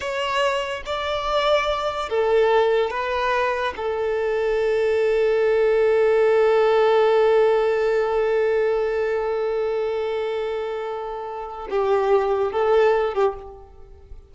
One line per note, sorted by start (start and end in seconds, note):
0.00 0.83 C#5
0.85 2.09 D5
2.09 2.90 A4
2.90 3.73 B4
3.76 11.68 A4
11.70 12.52 G4
12.52 13.13 A4
13.13 13.34 G4